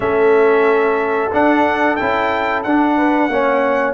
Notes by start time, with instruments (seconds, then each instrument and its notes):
0.00 tuba A3, trombone C#4, horn A4, trumpet E5
1.33 trombone D4, tuba D4, trumpet F#5
1.96 tuba C#4, trombone E4, trumpet G5
2.63 tuba D4, trombone D4, trumpet F#5
2.97 horn B4
3.29 tuba A#3, trombone C#4, horn C#5